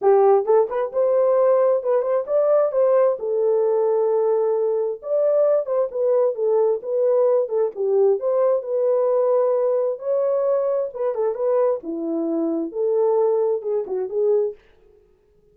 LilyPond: \new Staff \with { instrumentName = "horn" } { \time 4/4 \tempo 4 = 132 g'4 a'8 b'8 c''2 | b'8 c''8 d''4 c''4 a'4~ | a'2. d''4~ | d''8 c''8 b'4 a'4 b'4~ |
b'8 a'8 g'4 c''4 b'4~ | b'2 cis''2 | b'8 a'8 b'4 e'2 | a'2 gis'8 fis'8 gis'4 | }